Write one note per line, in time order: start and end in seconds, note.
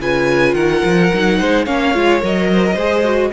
0.00 0.55 C#3
0.00 1.12 F4
0.00 0.55 B4
0.00 0.54 G#5
0.54 0.83 D#3
0.54 1.38 A#4
0.54 1.65 F#5
0.84 1.12 F3
1.13 1.41 F#3
1.13 1.66 D#4
1.38 1.67 G#3
1.38 1.65 C5
1.65 1.94 A#3
1.65 1.94 C#4
1.65 2.48 C#5
1.65 2.21 F5
1.94 2.22 G#3
1.94 2.21 F4
2.21 2.76 F#3
2.21 2.77 A#4
2.21 3.33 D#5
2.53 2.66 C5
2.66 2.74 A#4
2.74 3.31 G#3
2.74 3.04 G#4
2.74 3.30 C5
3.04 3.32 F#4